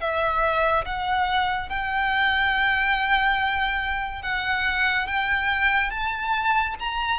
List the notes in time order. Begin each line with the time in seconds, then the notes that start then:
0.00 E5
0.85 F#5
1.69 G5
4.22 F#5
5.07 G5
5.90 A5
6.79 A#5